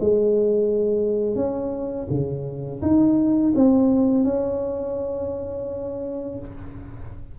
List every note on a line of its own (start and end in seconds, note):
0.00 1.36 G#3
1.36 2.07 C#4
2.10 2.82 C#3
2.82 3.54 D#4
3.56 4.24 C4
4.24 6.39 C#4